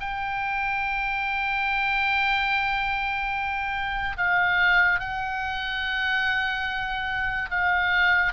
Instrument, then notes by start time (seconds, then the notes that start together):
oboe
0.00 G5
4.17 F5
5.00 F#5
7.50 F5